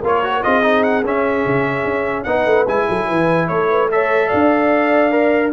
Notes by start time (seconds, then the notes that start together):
0.00 A#3 F4 A#4
0.07 C#5
0.24 F#4
0.43 C4 F4 G#4 D#5
0.62 D#4
0.84 F#5
1.05 C#4 E5
1.46 C#3
1.85 C#4
2.24 B3 D#4 B4 F#5
2.46 A3
2.68 G#3 E4 G#5
2.89 F#3 A4
3.08 E3 B4
3.48 A3 A4 C#5
3.70 B4
3.91 A4 C#5 E5
4.27 D5 F5
4.34 D4
5.12 A#4